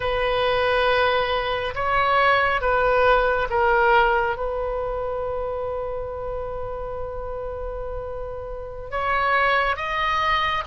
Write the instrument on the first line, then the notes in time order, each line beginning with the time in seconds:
oboe
0.00 B4
1.74 C#5
2.61 B4
3.49 A#4
4.36 B4
8.91 C#5
9.76 D#5